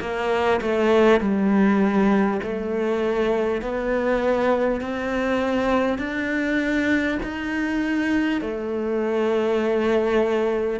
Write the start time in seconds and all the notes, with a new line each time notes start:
0.00 A#3
0.61 A3
1.20 G3
2.42 A3
3.61 B3
4.80 C4
5.98 D4
7.23 D#4
8.41 A3